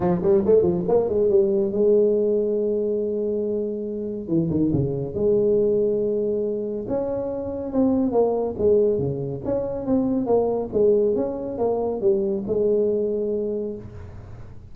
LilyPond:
\new Staff \with { instrumentName = "tuba" } { \time 4/4 \tempo 4 = 140 f8 g8 a8 f8 ais8 gis8 g4 | gis1~ | gis2 e8 dis8 cis4 | gis1 |
cis'2 c'4 ais4 | gis4 cis4 cis'4 c'4 | ais4 gis4 cis'4 ais4 | g4 gis2. | }